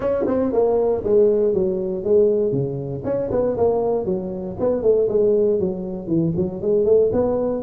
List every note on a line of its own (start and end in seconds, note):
0.00 0.25 C#4
0.27 0.52 C4
0.52 1.03 A#3
1.03 1.53 G#3
1.53 2.04 F#3
2.04 2.52 G#3
2.52 3.03 C#3
3.04 3.30 C#4
3.31 3.56 B3
3.57 4.05 A#3
4.05 4.56 F#3
4.59 4.82 B3
4.82 5.08 A3
5.08 5.59 G#3
5.59 6.07 F#3
6.07 6.32 E3
6.36 6.61 F#3
6.61 6.85 G#3
6.85 7.10 A3
7.12 7.62 B3